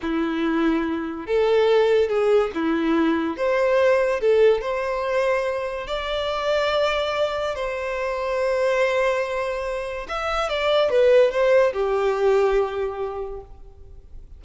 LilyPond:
\new Staff \with { instrumentName = "violin" } { \time 4/4 \tempo 4 = 143 e'2. a'4~ | a'4 gis'4 e'2 | c''2 a'4 c''4~ | c''2 d''2~ |
d''2 c''2~ | c''1 | e''4 d''4 b'4 c''4 | g'1 | }